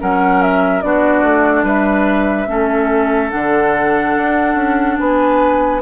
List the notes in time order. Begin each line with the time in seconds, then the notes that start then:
0.00 F#3 C#4 A#4 F#5
0.43 E5
0.82 B3 D4 F#4 D5
1.23 A3
1.64 G3 B4 E5
2.48 A3 C#4 A4
3.31 D3 D4 F#5
4.18 D4
4.55 C#4
4.99 B3 B4 G#5